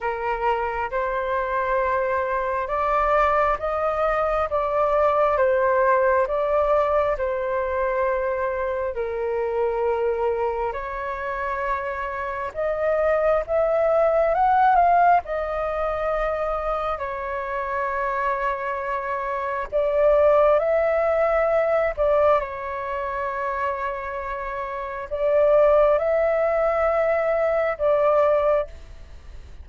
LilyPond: \new Staff \with { instrumentName = "flute" } { \time 4/4 \tempo 4 = 67 ais'4 c''2 d''4 | dis''4 d''4 c''4 d''4 | c''2 ais'2 | cis''2 dis''4 e''4 |
fis''8 f''8 dis''2 cis''4~ | cis''2 d''4 e''4~ | e''8 d''8 cis''2. | d''4 e''2 d''4 | }